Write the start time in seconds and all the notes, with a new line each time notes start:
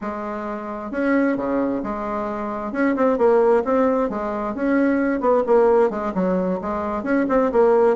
0.01 G#3
0.91 C#4
1.36 C#3
1.83 G#3
2.72 C#4
2.96 C4
3.17 A#3
3.64 C4
4.09 G#3
4.55 C#4
5.20 B3
5.46 A#3
5.89 G#3
6.14 F#3
6.61 G#3
7.03 C#4
7.29 C4
7.52 A#3